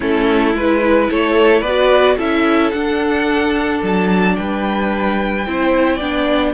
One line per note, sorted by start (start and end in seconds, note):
0.00 0.54 A3
0.00 0.53 C#4
0.00 1.07 E4
0.00 0.56 A4
0.54 1.09 G#3
0.54 1.65 E4
0.54 1.10 B4
1.10 1.62 A3
1.10 1.60 A4
1.10 1.61 C#5
1.60 2.17 B3
1.60 2.15 B4
1.60 2.16 D5
1.67 2.18 F#4
2.16 2.72 C#4
2.16 2.72 E4
2.16 4.34 A4
2.16 2.70 E5
2.70 3.82 D4
2.70 5.46 D4
2.70 3.79 F#5
3.82 4.36 F#3
3.82 4.36 A5
4.36 5.46 G3
4.36 5.47 B4
4.36 6.53 G5
5.46 6.00 C4
5.46 6.00 E4
5.46 5.96 C5
5.96 6.53 B3
5.96 6.53 D4
5.96 6.50 D5